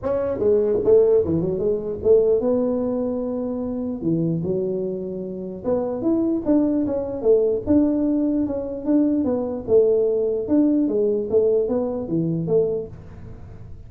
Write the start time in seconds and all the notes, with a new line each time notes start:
0.02 C#4
0.38 G#3
0.84 A3
1.24 E3
1.41 F#3
1.59 G#3
2.03 A3
2.40 B3
4.01 E3
4.43 F#3
5.64 B3
6.01 E4
6.45 D4
6.86 C#4
7.22 A3
7.66 D4
8.46 C#4
8.85 D4
9.24 B3
9.67 A3
10.48 D4
10.88 G#3
11.30 A3
11.68 B3
12.08 E3
12.47 A3